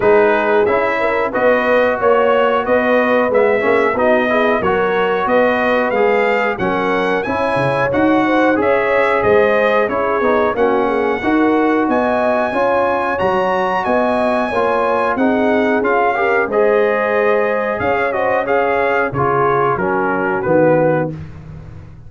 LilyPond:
<<
  \new Staff \with { instrumentName = "trumpet" } { \time 4/4 \tempo 4 = 91 b'4 e''4 dis''4 cis''4 | dis''4 e''4 dis''4 cis''4 | dis''4 f''4 fis''4 gis''4 | fis''4 e''4 dis''4 cis''4 |
fis''2 gis''2 | ais''4 gis''2 fis''4 | f''4 dis''2 f''8 dis''8 | f''4 cis''4 ais'4 b'4 | }
  \new Staff \with { instrumentName = "horn" } { \time 4/4 gis'4. ais'8 b'4 cis''4 | b'4. gis'8 fis'8 gis'8 ais'4 | b'2 ais'4 cis''4~ | cis''8 c''8 cis''4 c''4 gis'4 |
fis'8 gis'8 ais'4 dis''4 cis''4~ | cis''4 dis''4 cis''4 gis'4~ | gis'8 ais'8 c''2 cis''8 c''8 | cis''4 gis'4 fis'2 | }
  \new Staff \with { instrumentName = "trombone" } { \time 4/4 dis'4 e'4 fis'2~ | fis'4 b8 cis'8 dis'8 e'8 fis'4~ | fis'4 gis'4 cis'4 e'4 | fis'4 gis'2 e'8 dis'8 |
cis'4 fis'2 f'4 | fis'2 f'4 dis'4 | f'8 g'8 gis'2~ gis'8 fis'8 | gis'4 f'4 cis'4 b4 | }
  \new Staff \with { instrumentName = "tuba" } { \time 4/4 gis4 cis'4 b4 ais4 | b4 gis8 ais8 b4 fis4 | b4 gis4 fis4 cis'8 cis8 | dis'4 cis'4 gis4 cis'8 b8 |
ais4 dis'4 b4 cis'4 | fis4 b4 ais4 c'4 | cis'4 gis2 cis'4~ | cis'4 cis4 fis4 dis4 | }
>>